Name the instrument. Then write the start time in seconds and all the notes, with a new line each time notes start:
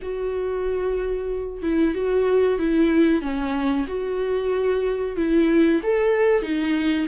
viola
0.02 F#4
1.62 E4
1.94 F#4
2.58 E4
3.21 C#4
3.87 F#4
5.16 E4
5.83 A4
6.42 D#4